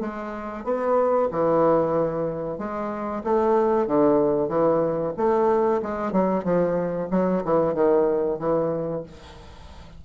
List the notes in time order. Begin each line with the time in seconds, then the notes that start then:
0.00 G#3
0.64 B3
1.31 E3
2.58 G#3
3.23 A3
3.87 D3
4.48 E3
5.16 A3
5.82 G#3
6.12 F#3
6.44 F3
7.10 F#3
7.44 E3
7.74 D#3
8.38 E3